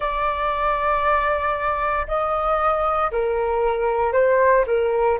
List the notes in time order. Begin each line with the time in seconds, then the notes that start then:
0.00 D5
2.07 D#5
3.11 A#4
4.12 C5
4.66 A#4